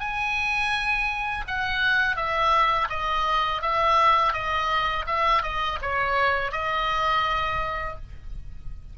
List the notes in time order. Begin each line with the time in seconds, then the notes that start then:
0.00 G#5
1.48 F#5
2.16 E5
2.90 D#5
3.62 E5
4.33 D#5
5.07 E5
5.42 D#5
5.82 C#5
6.52 D#5